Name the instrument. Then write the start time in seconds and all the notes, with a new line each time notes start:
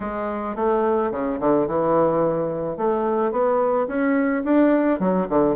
bassoon
0.00 G#3
0.55 A3
1.11 C#3
1.40 D3
1.67 E3
2.77 A3
3.31 B3
3.87 C#4
4.44 D4
4.99 F#3
5.29 D3